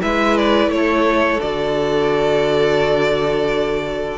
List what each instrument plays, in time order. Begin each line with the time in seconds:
0.00 cello G#3, viola E4, violin B4 E5
0.37 violin D5
0.67 cello A3, violin C#5
0.75 violin A4
1.40 cello D3, viola F#4, violin D5